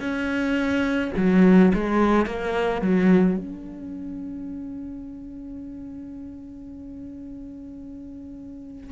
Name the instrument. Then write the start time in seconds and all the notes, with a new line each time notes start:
cello
0.00 C#4
1.17 F#3
1.74 G#3
2.26 A#3
2.81 F#3
3.37 C#4